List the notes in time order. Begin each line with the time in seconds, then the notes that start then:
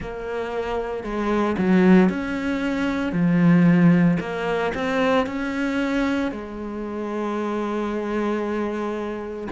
0.00 A#3
1.03 G#3
1.57 F#3
2.09 C#4
3.12 F3
4.20 A#3
4.74 C4
5.26 C#4
6.32 G#3